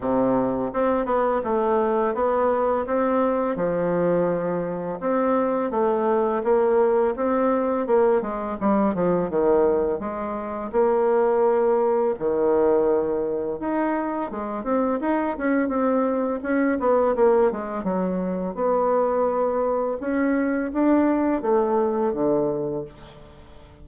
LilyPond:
\new Staff \with { instrumentName = "bassoon" } { \time 4/4 \tempo 4 = 84 c4 c'8 b8 a4 b4 | c'4 f2 c'4 | a4 ais4 c'4 ais8 gis8 | g8 f8 dis4 gis4 ais4~ |
ais4 dis2 dis'4 | gis8 c'8 dis'8 cis'8 c'4 cis'8 b8 | ais8 gis8 fis4 b2 | cis'4 d'4 a4 d4 | }